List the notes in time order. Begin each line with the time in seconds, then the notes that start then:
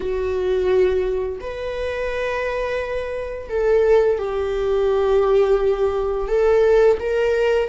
0.00 F#4
1.40 B4
3.49 A4
4.18 G4
6.28 A4
6.99 A#4